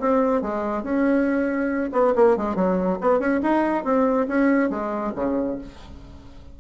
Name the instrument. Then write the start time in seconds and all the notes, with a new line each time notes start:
bassoon
0.00 C4
0.42 G#3
0.83 C#4
1.93 B3
2.16 A#3
2.37 G#3
2.56 F#3
3.01 B3
3.19 C#4
3.43 D#4
3.85 C4
4.28 C#4
4.70 G#3
5.16 C#3